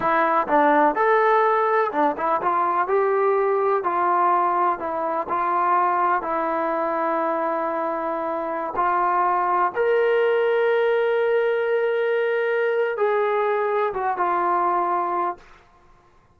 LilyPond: \new Staff \with { instrumentName = "trombone" } { \time 4/4 \tempo 4 = 125 e'4 d'4 a'2 | d'8 e'8 f'4 g'2 | f'2 e'4 f'4~ | f'4 e'2.~ |
e'2~ e'16 f'4.~ f'16~ | f'16 ais'2.~ ais'8.~ | ais'2. gis'4~ | gis'4 fis'8 f'2~ f'8 | }